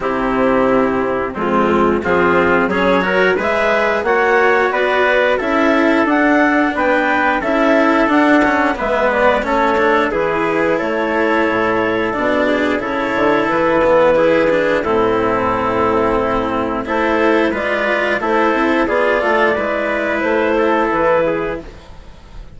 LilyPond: <<
  \new Staff \with { instrumentName = "clarinet" } { \time 4/4 \tempo 4 = 89 g'2 f'4 gis'4 | cis''4 e''4 fis''4 d''4 | e''4 fis''4 g''4 e''4 | fis''4 e''8 d''8 cis''4 b'4 |
cis''2 d''4 cis''4 | b'2 a'2~ | a'4 c''4 d''4 c''4 | d''2 c''4 b'4 | }
  \new Staff \with { instrumentName = "trumpet" } { \time 4/4 e'2 c'4 f'4 | gis'8 ais'8 b'4 cis''4 b'4 | a'2 b'4 a'4~ | a'4 b'4 a'4 gis'4 |
a'2~ a'8 gis'8 a'4~ | a'4 gis'4 e'2~ | e'4 a'4 b'4 a'4 | gis'8 a'8 b'4. a'4 gis'8 | }
  \new Staff \with { instrumentName = "cello" } { \time 4/4 c'2 gis4 c'4 | cis'8 fis'8 gis'4 fis'2 | e'4 d'2 e'4 | d'8 cis'8 b4 cis'8 d'8 e'4~ |
e'2 d'4 e'4~ | e'8 b8 e'8 d'8 c'2~ | c'4 e'4 f'4 e'4 | f'4 e'2. | }
  \new Staff \with { instrumentName = "bassoon" } { \time 4/4 c2 f,4 f4 | fis4 gis4 ais4 b4 | cis'4 d'4 b4 cis'4 | d'4 gis4 a4 e4 |
a4 a,4 b,4 cis8 d8 | e2 a,2~ | a,4 a4 gis4 a8 c'8 | b8 a8 gis4 a4 e4 | }
>>